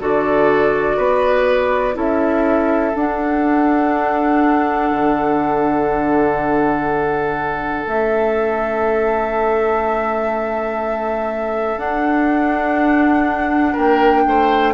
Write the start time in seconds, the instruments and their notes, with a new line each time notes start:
0.00 bassoon D3, clarinet F#4, oboe A4, flute D5
0.97 bassoon B3, oboe B4
1.94 bassoon C#4, clarinet E4, oboe A4, flute E5
2.95 clarinet D4, bassoon D4, flute F#5
4.91 bassoon D3
7.86 bassoon A3, clarinet C#4, flute E5
11.77 bassoon D4, clarinet D4, flute F#5
13.73 bassoon A#3, oboe A#4, flute G5
14.27 bassoon A3, oboe C5